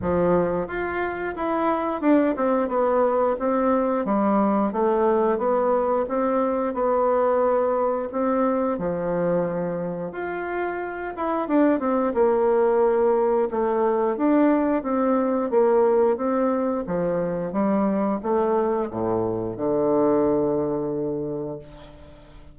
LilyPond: \new Staff \with { instrumentName = "bassoon" } { \time 4/4 \tempo 4 = 89 f4 f'4 e'4 d'8 c'8 | b4 c'4 g4 a4 | b4 c'4 b2 | c'4 f2 f'4~ |
f'8 e'8 d'8 c'8 ais2 | a4 d'4 c'4 ais4 | c'4 f4 g4 a4 | a,4 d2. | }